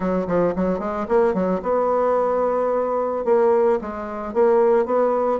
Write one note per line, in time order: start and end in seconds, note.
0.00 0.26 F#3
0.27 0.54 F3
0.55 0.79 F#3
0.79 1.06 G#3
1.08 1.34 A#3
1.34 1.61 F#3
1.62 3.24 B3
3.25 3.79 A#3
3.81 4.33 G#3
4.33 4.85 A#3
4.85 5.39 B3